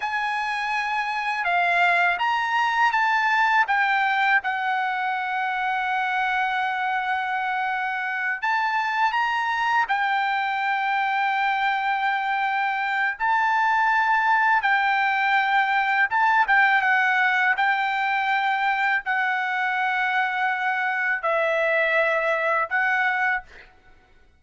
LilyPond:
\new Staff \with { instrumentName = "trumpet" } { \time 4/4 \tempo 4 = 82 gis''2 f''4 ais''4 | a''4 g''4 fis''2~ | fis''2.~ fis''8 a''8~ | a''8 ais''4 g''2~ g''8~ |
g''2 a''2 | g''2 a''8 g''8 fis''4 | g''2 fis''2~ | fis''4 e''2 fis''4 | }